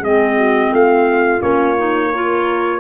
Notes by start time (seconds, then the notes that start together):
0.00 G#3 C4 G#4 D#5
0.37 F#4
0.70 A3 F4 F5
1.40 A#3 C#4 C#5
1.78 D#4
2.10 F4 A#4